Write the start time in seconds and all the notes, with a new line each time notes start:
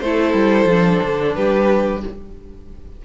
0.00 A3 E4 A4 C5
0.34 G3
0.65 F3 D4
1.03 D3
1.34 G3 G4 B4